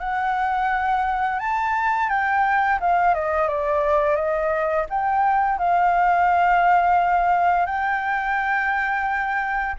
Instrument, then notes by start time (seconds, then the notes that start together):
flute
0.00 F#5
1.40 A5
2.10 G5
2.81 F5
3.15 D#5
3.49 D5
4.16 D#5
4.90 G5
5.59 F5
7.66 G5